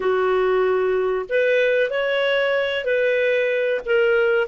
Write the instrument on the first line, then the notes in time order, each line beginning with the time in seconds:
clarinet
0.00 F#4
1.29 B4
1.90 C#5
2.85 B4
3.85 A#4